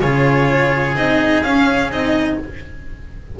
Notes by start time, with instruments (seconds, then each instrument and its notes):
0.00 double bass C#3, cello F4, oboe G#4, violin C#5
0.95 double bass C4, cello D#4, violin D#5
1.42 double bass C#4, cello C#4, violin F5
1.90 double bass C4, cello D#4, violin D#5